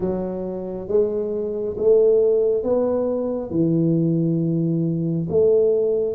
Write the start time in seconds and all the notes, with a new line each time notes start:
0.00 F#3
0.88 G#3
1.77 A3
2.63 B3
3.50 E3
5.29 A3